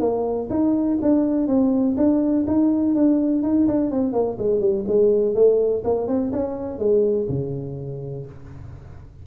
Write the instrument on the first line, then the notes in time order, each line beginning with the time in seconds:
tuba
0.00 A#3
0.50 D#4
1.02 D4
1.48 C4
1.97 D4
2.47 D#4
2.95 D4
3.43 D#4
3.68 D4
3.91 C4
4.13 A#3
4.39 G#3
4.61 G3
4.88 G#3
5.35 A3
5.85 A#3
6.07 C4
6.33 C#4
6.79 G#3
7.29 C#3